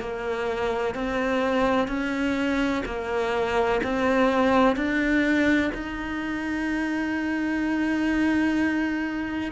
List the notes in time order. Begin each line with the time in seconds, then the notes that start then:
0.00 A#3
0.94 C4
1.87 C#4
2.85 A#3
3.83 C4
4.76 D4
5.74 D#4